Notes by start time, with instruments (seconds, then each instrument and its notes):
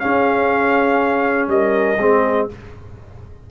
0.00 trombone C#4, tuba C#4, horn G#4, trumpet F5
1.48 tuba G3, horn A#4, trumpet D#5
1.98 tuba G#3, trombone C4, horn G#4